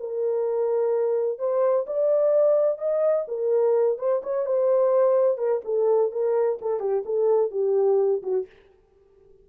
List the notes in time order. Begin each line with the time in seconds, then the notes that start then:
0.00 A#4
1.39 C5
1.87 D5
2.79 D#5
3.28 A#4
3.99 C5
4.23 C#5
4.46 C5
5.38 A#4
5.65 A4
6.12 A#4
6.62 A4
6.80 G4
7.06 A4
7.52 G4
8.23 F#4